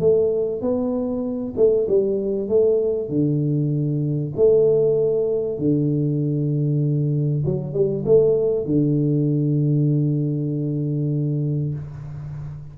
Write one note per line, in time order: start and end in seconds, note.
0.00 0.62 A3
0.62 1.54 B3
1.57 1.88 A3
1.88 2.49 G3
2.49 3.09 A3
3.09 4.33 D3
4.36 5.58 A3
5.58 7.44 D3
7.45 7.73 F#3
7.73 8.04 G3
8.06 8.65 A3
8.65 11.75 D3